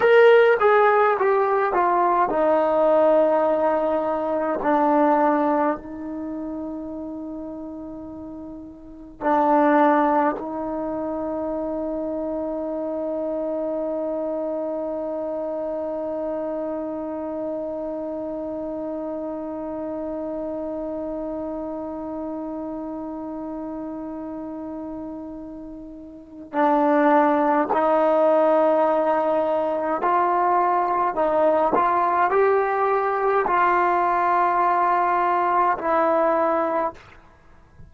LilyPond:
\new Staff \with { instrumentName = "trombone" } { \time 4/4 \tempo 4 = 52 ais'8 gis'8 g'8 f'8 dis'2 | d'4 dis'2. | d'4 dis'2.~ | dis'1~ |
dis'1~ | dis'2. d'4 | dis'2 f'4 dis'8 f'8 | g'4 f'2 e'4 | }